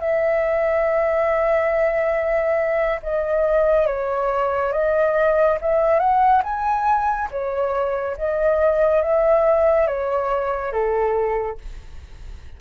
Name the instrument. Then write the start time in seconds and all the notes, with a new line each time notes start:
flute
0.00 E5
3.03 D#5
3.86 C#5
4.73 D#5
5.61 E5
6.00 F#5
6.43 G#5
7.31 C#5
8.17 D#5
9.02 E5
9.87 C#5
10.72 A4